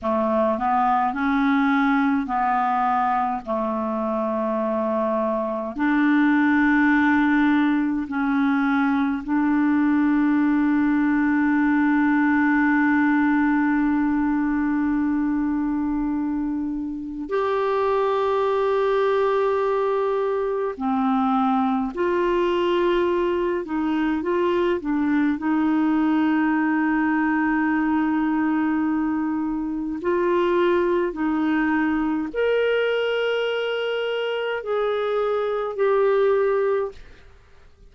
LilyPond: \new Staff \with { instrumentName = "clarinet" } { \time 4/4 \tempo 4 = 52 a8 b8 cis'4 b4 a4~ | a4 d'2 cis'4 | d'1~ | d'2. g'4~ |
g'2 c'4 f'4~ | f'8 dis'8 f'8 d'8 dis'2~ | dis'2 f'4 dis'4 | ais'2 gis'4 g'4 | }